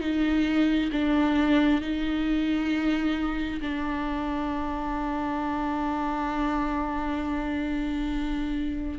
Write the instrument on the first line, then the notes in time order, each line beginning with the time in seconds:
viola
0.00 D#4
0.92 D4
1.81 D#4
3.61 D4